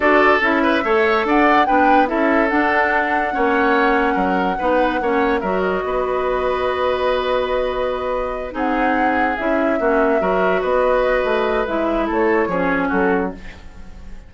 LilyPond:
<<
  \new Staff \with { instrumentName = "flute" } { \time 4/4 \tempo 4 = 144 d''4 e''2 fis''4 | g''4 e''4 fis''2~ | fis''1~ | fis''4 e''8 dis''2~ dis''8~ |
dis''1~ | dis''8 fis''2 e''4.~ | e''4. dis''2~ dis''8 | e''4 cis''2 a'4 | }
  \new Staff \with { instrumentName = "oboe" } { \time 4/4 a'4. b'8 cis''4 d''4 | b'4 a'2. | cis''2 ais'4 b'4 | cis''4 ais'4 b'2~ |
b'1~ | b'8 gis'2. fis'8~ | fis'8 ais'4 b'2~ b'8~ | b'4 a'4 gis'4 fis'4 | }
  \new Staff \with { instrumentName = "clarinet" } { \time 4/4 fis'4 e'4 a'2 | d'4 e'4 d'2 | cis'2. dis'4 | cis'4 fis'2.~ |
fis'1~ | fis'8 dis'2 e'4 cis'8~ | cis'8 fis'2.~ fis'8 | e'2 cis'2 | }
  \new Staff \with { instrumentName = "bassoon" } { \time 4/4 d'4 cis'4 a4 d'4 | b4 cis'4 d'2 | ais2 fis4 b4 | ais4 fis4 b2~ |
b1~ | b8 c'2 cis'4 ais8~ | ais8 fis4 b4. a4 | gis4 a4 f4 fis4 | }
>>